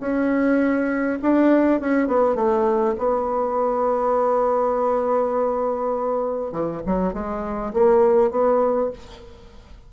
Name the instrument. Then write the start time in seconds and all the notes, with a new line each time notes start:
bassoon
0.00 C#4
1.22 D4
1.81 C#4
2.08 B3
2.35 A3
2.98 B3
6.52 E3
6.86 F#3
7.13 G#3
7.73 A#3
8.31 B3